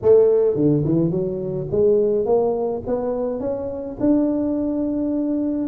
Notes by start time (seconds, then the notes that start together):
0.02 A3
0.55 D3
0.85 E3
1.10 F#3
1.71 G#3
2.25 A#3
2.86 B3
3.40 C#4
4.00 D4